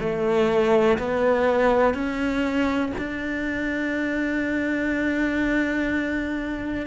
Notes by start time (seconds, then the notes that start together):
0.00 A3
0.99 B3
1.94 C#4
2.98 D4